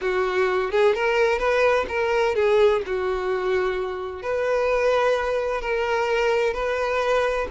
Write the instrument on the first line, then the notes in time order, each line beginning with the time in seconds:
violin
0.01 F#4
0.71 G#4
0.94 A#4
1.38 B4
1.88 A#4
2.35 G#4
2.86 F#4
4.22 B4
5.61 A#4
6.53 B4